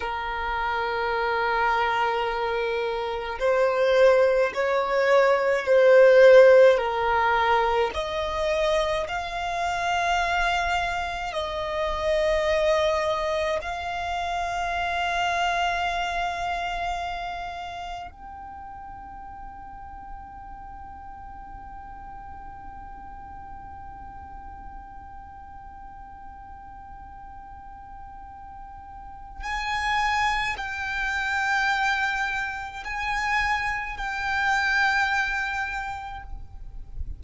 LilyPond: \new Staff \with { instrumentName = "violin" } { \time 4/4 \tempo 4 = 53 ais'2. c''4 | cis''4 c''4 ais'4 dis''4 | f''2 dis''2 | f''1 |
g''1~ | g''1~ | g''2 gis''4 g''4~ | g''4 gis''4 g''2 | }